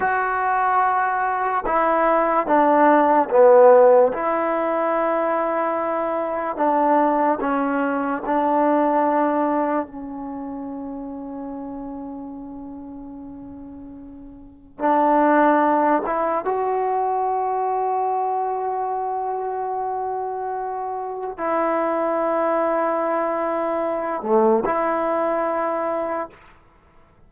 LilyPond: \new Staff \with { instrumentName = "trombone" } { \time 4/4 \tempo 4 = 73 fis'2 e'4 d'4 | b4 e'2. | d'4 cis'4 d'2 | cis'1~ |
cis'2 d'4. e'8 | fis'1~ | fis'2 e'2~ | e'4. a8 e'2 | }